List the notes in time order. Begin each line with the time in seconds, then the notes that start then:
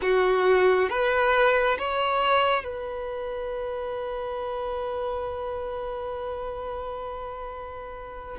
0.01 F#4
0.89 B4
1.78 C#5
2.64 B4